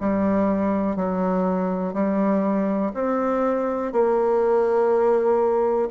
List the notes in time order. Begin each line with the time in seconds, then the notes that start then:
0.00 G3
0.96 F#3
1.94 G3
2.94 C4
3.93 A#3